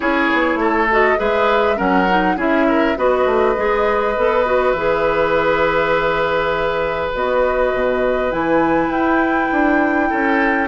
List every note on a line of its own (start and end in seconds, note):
0.00 0.30 C#4
0.00 0.88 E4
0.00 0.59 G#4
0.00 0.88 C#5
0.33 0.55 B3
0.55 1.14 A3
0.55 1.18 A4
0.90 1.16 F#4
0.90 1.19 D#5
1.16 1.79 G#3
1.16 1.76 G#4
1.16 1.76 B4
1.16 1.78 E5
1.76 2.36 F#3
1.76 2.06 C#4
1.76 2.36 A#4
1.76 2.37 F#5
2.09 2.37 D#4
2.36 2.95 C#4
2.36 2.96 E4
2.36 2.66 G#4
2.36 2.98 E5
2.68 2.97 A#4
2.96 3.25 B3
2.96 3.55 F#4
2.96 10.09 B4
2.96 4.72 D#5
3.25 3.55 A3
3.56 4.16 G#3
3.56 4.16 G#4
4.16 4.73 B3
4.16 4.45 A4
4.45 4.75 F#4
4.72 7.11 E3
4.72 7.14 G#4
4.72 7.10 E5
7.14 7.73 B3
7.14 8.31 F#4
7.14 8.31 D#5
7.73 8.32 B2
8.31 8.89 E3
8.31 10.67 E4
8.31 8.91 G#5
8.89 9.48 E4
8.89 10.67 G5
9.51 10.11 D4
10.09 10.67 C#4
10.09 10.67 A4